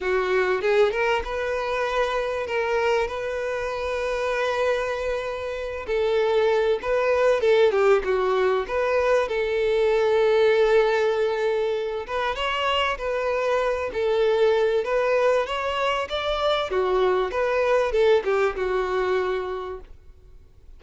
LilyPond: \new Staff \with { instrumentName = "violin" } { \time 4/4 \tempo 4 = 97 fis'4 gis'8 ais'8 b'2 | ais'4 b'2.~ | b'4. a'4. b'4 | a'8 g'8 fis'4 b'4 a'4~ |
a'2.~ a'8 b'8 | cis''4 b'4. a'4. | b'4 cis''4 d''4 fis'4 | b'4 a'8 g'8 fis'2 | }